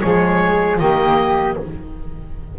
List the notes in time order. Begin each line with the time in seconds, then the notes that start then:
0.00 F3 G#3 G#4 C#5
0.78 D#3 A#3 G4 D#5